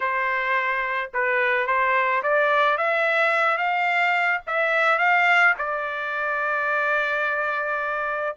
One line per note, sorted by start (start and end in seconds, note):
0.00 1.11 C5
1.13 1.67 B4
1.67 2.22 C5
2.22 2.77 D5
2.77 3.57 E5
3.57 4.40 F5
4.46 4.98 E5
4.98 5.54 F5
5.58 8.35 D5